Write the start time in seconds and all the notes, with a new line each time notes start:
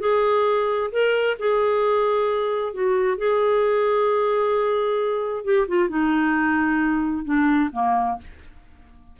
0.00 G#4
0.92 A#4
1.39 G#4
2.74 F#4
3.18 G#4
5.45 G4
5.68 F4
5.89 D#4
7.25 D4
7.73 A#3